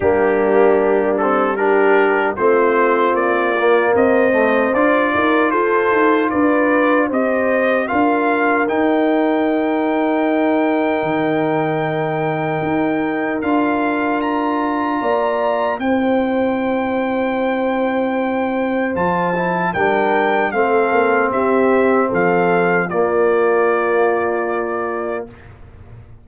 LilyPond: <<
  \new Staff \with { instrumentName = "trumpet" } { \time 4/4 \tempo 4 = 76 g'4. a'8 ais'4 c''4 | d''4 dis''4 d''4 c''4 | d''4 dis''4 f''4 g''4~ | g''1~ |
g''4 f''4 ais''2 | g''1 | a''4 g''4 f''4 e''4 | f''4 d''2. | }
  \new Staff \with { instrumentName = "horn" } { \time 4/4 d'2 g'4 f'4~ | f'4 c''4. ais'8 a'4 | b'4 c''4 ais'2~ | ais'1~ |
ais'2. d''4 | c''1~ | c''4 ais'4 a'4 g'4 | a'4 f'2. | }
  \new Staff \with { instrumentName = "trombone" } { \time 4/4 ais4. c'8 d'4 c'4~ | c'8 ais4 a8 f'2~ | f'4 g'4 f'4 dis'4~ | dis'1~ |
dis'4 f'2. | e'1 | f'8 e'8 d'4 c'2~ | c'4 ais2. | }
  \new Staff \with { instrumentName = "tuba" } { \time 4/4 g2. a4 | ais4 c'4 d'8 dis'8 f'8 dis'8 | d'4 c'4 d'4 dis'4~ | dis'2 dis2 |
dis'4 d'2 ais4 | c'1 | f4 g4 a8 ais8 c'4 | f4 ais2. | }
>>